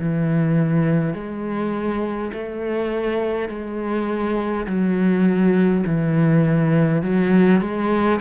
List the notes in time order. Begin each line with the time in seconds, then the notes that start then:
0.00 E3
1.14 G#3
2.34 A3
3.49 G#3
4.67 F#3
5.87 E3
7.03 F#3
7.61 G#3